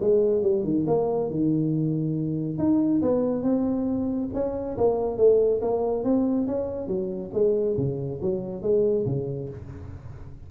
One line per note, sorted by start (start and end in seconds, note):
0.00 0.42 G#3
0.42 0.64 G3
0.64 0.85 D#3
0.87 1.30 A#3
1.30 2.58 D#3
2.58 3.01 D#4
3.02 3.42 B3
3.42 4.29 C4
4.33 4.77 C#4
4.77 5.17 A#3
5.17 5.60 A3
5.61 6.04 A#3
6.04 6.47 C4
6.47 6.87 C#4
6.87 7.30 F#3
7.33 7.76 G#3
7.77 8.20 C#3
8.21 8.62 F#3
8.62 9.05 G#3
9.06 9.49 C#3